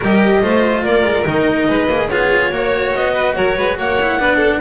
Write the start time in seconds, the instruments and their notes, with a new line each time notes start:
0.00 double bass G3, cello G4, violin A#4, clarinet D#5
0.42 double bass A3, cello F4, violin C5
0.83 double bass A#3, violin A#4, clarinet D5
1.03 double bass G#3
1.25 double bass D#3, cello D#4, clarinet D#5
1.67 double bass G#3, violin B4
1.87 double bass A#3, cello G#4
2.08 double bass B3, cello F4, violin G#4, clarinet C#5
2.51 double bass A#3, cello F#4, violin C#5
2.94 double bass B3, clarinet D#5
3.13 violin B4
3.35 double bass F#3, violin A#4, clarinet C#5
3.56 double bass G#3, violin B4
3.78 double bass A#3, violin C#5, clarinet F#5
4.00 cello E4
4.18 double bass B3, cello D4, violin B4
4.36 violin A4